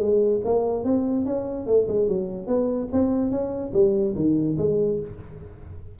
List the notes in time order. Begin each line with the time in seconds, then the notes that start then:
0.00 G#3
0.45 A#3
0.85 C4
1.26 C#4
1.67 A3
1.88 G#3
2.09 F#3
2.48 B3
2.92 C4
3.32 C#4
3.74 G3
4.16 D#3
4.59 G#3